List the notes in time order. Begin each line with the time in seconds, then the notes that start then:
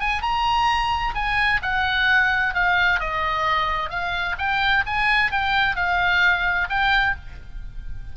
0.00 G#5
0.22 A#5
1.15 G#5
1.63 F#5
2.55 F5
3.00 D#5
3.90 F5
4.38 G5
4.86 G#5
5.32 G5
5.76 F5
6.69 G5